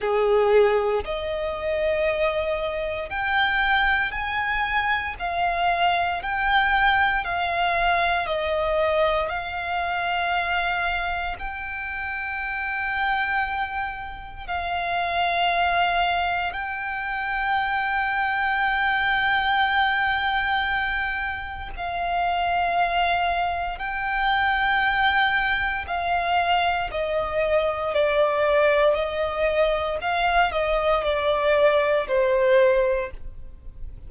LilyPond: \new Staff \with { instrumentName = "violin" } { \time 4/4 \tempo 4 = 58 gis'4 dis''2 g''4 | gis''4 f''4 g''4 f''4 | dis''4 f''2 g''4~ | g''2 f''2 |
g''1~ | g''4 f''2 g''4~ | g''4 f''4 dis''4 d''4 | dis''4 f''8 dis''8 d''4 c''4 | }